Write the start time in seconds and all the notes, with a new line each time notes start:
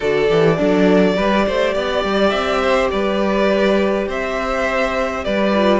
0.00 D3 F#4 A4 D5
0.29 E3 G4
0.56 F#3 D4 A4
1.15 G3 G4 B4
1.46 A3 C5
1.73 B3 D5
2.04 G3
2.29 C4 E5
2.62 C5
2.90 G3 B4 D5
4.08 C4 C5 E5
5.24 G3 B4 D5
5.53 F4